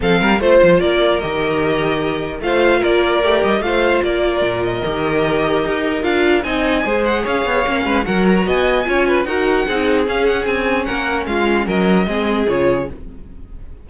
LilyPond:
<<
  \new Staff \with { instrumentName = "violin" } { \time 4/4 \tempo 4 = 149 f''4 c''4 d''4 dis''4~ | dis''2 f''4 d''4~ | d''8 dis''8 f''4 d''4. dis''8~ | dis''2. f''4 |
gis''4. fis''8 f''2 | fis''8 ais''8 gis''2 fis''4~ | fis''4 f''8 fis''8 gis''4 fis''4 | f''4 dis''2 cis''4 | }
  \new Staff \with { instrumentName = "violin" } { \time 4/4 a'8 ais'8 c''4 ais'2~ | ais'2 c''4 ais'4~ | ais'4 c''4 ais'2~ | ais'1 |
dis''4 c''4 cis''4. b'8 | ais'4 dis''4 cis''8 b'8 ais'4 | gis'2. ais'4 | f'4 ais'4 gis'2 | }
  \new Staff \with { instrumentName = "viola" } { \time 4/4 c'4 f'2 g'4~ | g'2 f'2 | g'4 f'2. | g'2. f'4 |
dis'4 gis'2 cis'4 | fis'2 f'4 fis'4 | dis'4 cis'2.~ | cis'2 c'4 f'4 | }
  \new Staff \with { instrumentName = "cello" } { \time 4/4 f8 g8 a8 f8 ais4 dis4~ | dis2 a4 ais4 | a8 g8 a4 ais4 ais,4 | dis2 dis'4 d'4 |
c'4 gis4 cis'8 b8 ais8 gis8 | fis4 b4 cis'4 dis'4 | c'4 cis'4 c'4 ais4 | gis4 fis4 gis4 cis4 | }
>>